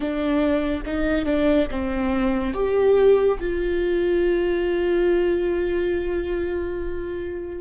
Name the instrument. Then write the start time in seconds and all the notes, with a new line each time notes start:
viola
0.00 D4
0.85 D#4
1.25 D4
1.70 C4
2.54 G4
3.40 F4